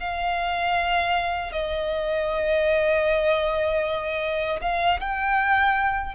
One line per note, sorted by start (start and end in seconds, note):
0.00 1.52 F5
1.52 4.60 D#5
4.61 5.00 F5
5.00 6.15 G5